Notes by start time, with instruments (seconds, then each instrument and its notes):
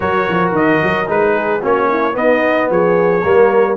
0.00 tuba F#3, trombone F#4, horn A#4, trumpet C#5
0.29 tuba F3
0.51 tuba D#3, trumpet D#5
0.83 tuba F#3
1.06 tuba G#3, trombone D#4, trumpet B4
1.34 horn G#4
1.61 tuba A#3, trombone C#4, horn F#4, trumpet C#5
1.89 horn E4
2.13 trombone B3, tuba B3, horn D#4, trumpet D#5
2.69 tuba F3, horn G#4, trumpet C#5
3.23 tuba G3, trombone A#3, horn A#4